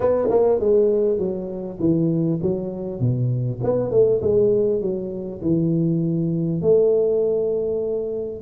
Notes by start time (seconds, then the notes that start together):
0.00 B3
0.29 A#3
0.59 G#3
1.18 F#3
1.79 E3
2.42 F#3
2.99 B2
3.63 B3
3.91 A3
4.21 G#3
4.81 F#3
5.41 E3
6.61 A3